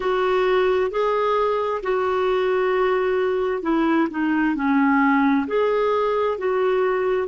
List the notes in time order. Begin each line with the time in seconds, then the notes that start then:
0.00 F#4
0.90 G#4
1.82 F#4
3.62 E4
4.10 D#4
4.55 C#4
5.47 G#4
6.38 F#4